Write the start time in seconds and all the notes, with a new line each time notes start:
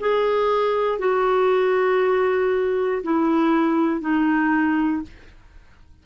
0.00 G#4
0.99 F#4
3.03 E4
4.01 D#4